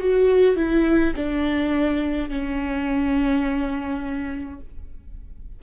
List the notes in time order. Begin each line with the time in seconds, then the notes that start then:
0.00 F#4
0.57 E4
1.16 D4
2.30 C#4